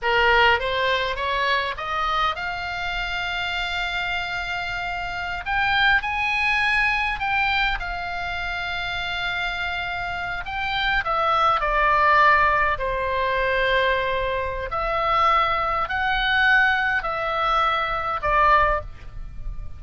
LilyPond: \new Staff \with { instrumentName = "oboe" } { \time 4/4 \tempo 4 = 102 ais'4 c''4 cis''4 dis''4 | f''1~ | f''4~ f''16 g''4 gis''4.~ gis''16~ | gis''16 g''4 f''2~ f''8.~ |
f''4.~ f''16 g''4 e''4 d''16~ | d''4.~ d''16 c''2~ c''16~ | c''4 e''2 fis''4~ | fis''4 e''2 d''4 | }